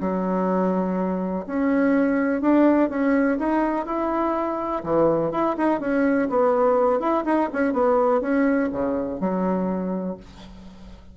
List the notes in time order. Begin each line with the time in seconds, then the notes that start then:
0.00 F#3
1.46 C#4
2.41 D4
2.89 C#4
3.38 D#4
3.86 E4
4.83 E3
5.31 E4
5.57 D#4
5.80 C#4
6.29 B3
6.99 E4
7.25 D#4
7.52 C#4
7.73 B3
8.21 C#4
8.72 C#3
9.20 F#3